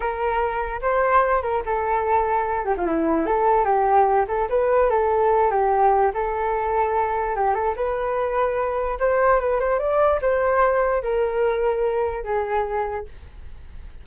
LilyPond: \new Staff \with { instrumentName = "flute" } { \time 4/4 \tempo 4 = 147 ais'2 c''4. ais'8 | a'2~ a'8 g'16 f'16 e'4 | a'4 g'4. a'8 b'4 | a'4. g'4. a'4~ |
a'2 g'8 a'8 b'4~ | b'2 c''4 b'8 c''8 | d''4 c''2 ais'4~ | ais'2 gis'2 | }